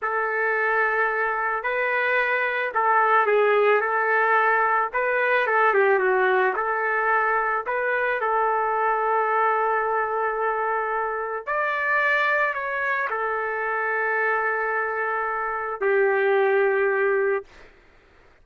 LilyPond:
\new Staff \with { instrumentName = "trumpet" } { \time 4/4 \tempo 4 = 110 a'2. b'4~ | b'4 a'4 gis'4 a'4~ | a'4 b'4 a'8 g'8 fis'4 | a'2 b'4 a'4~ |
a'1~ | a'4 d''2 cis''4 | a'1~ | a'4 g'2. | }